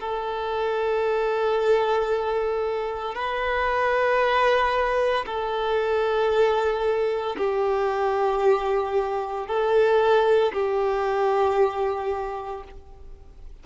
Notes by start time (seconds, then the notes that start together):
0.00 A4
3.15 B4
5.26 A4
7.37 G4
9.47 A4
10.53 G4